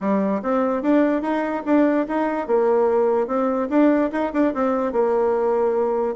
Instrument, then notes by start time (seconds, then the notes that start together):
bassoon
0.00 G3
0.42 C4
0.82 D4
1.21 D#4
1.65 D4
2.08 D#4
2.47 A#3
3.27 C4
3.69 D4
4.12 D#4
4.33 D4
4.53 C4
4.92 A#3